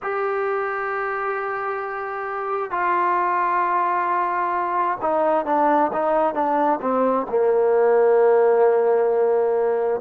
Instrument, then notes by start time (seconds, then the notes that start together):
trombone
0.02 G4
2.70 F4
5.01 D#4
5.45 D4
5.92 D#4
6.34 D4
6.81 C4
7.29 A#3